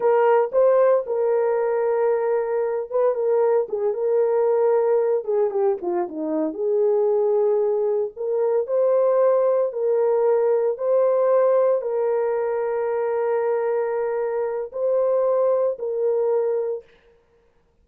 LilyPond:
\new Staff \with { instrumentName = "horn" } { \time 4/4 \tempo 4 = 114 ais'4 c''4 ais'2~ | ais'4. b'8 ais'4 gis'8 ais'8~ | ais'2 gis'8 g'8 f'8 dis'8~ | dis'8 gis'2. ais'8~ |
ais'8 c''2 ais'4.~ | ais'8 c''2 ais'4.~ | ais'1 | c''2 ais'2 | }